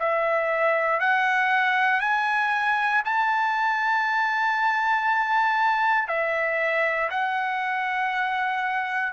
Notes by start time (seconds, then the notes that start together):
0.00 E5
1.00 F#5
2.01 G#5
3.05 A5
6.08 E5
7.10 F#5